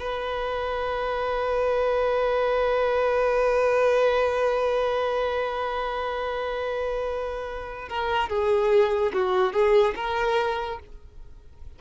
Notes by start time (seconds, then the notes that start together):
0.00 B4
7.89 A#4
8.29 G#4
9.13 F#4
9.53 G#4
9.96 A#4